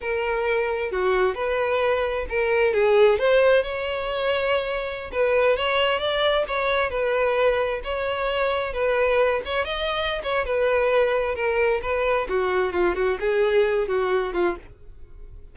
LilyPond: \new Staff \with { instrumentName = "violin" } { \time 4/4 \tempo 4 = 132 ais'2 fis'4 b'4~ | b'4 ais'4 gis'4 c''4 | cis''2.~ cis''16 b'8.~ | b'16 cis''4 d''4 cis''4 b'8.~ |
b'4~ b'16 cis''2 b'8.~ | b'8. cis''8 dis''4~ dis''16 cis''8 b'4~ | b'4 ais'4 b'4 fis'4 | f'8 fis'8 gis'4. fis'4 f'8 | }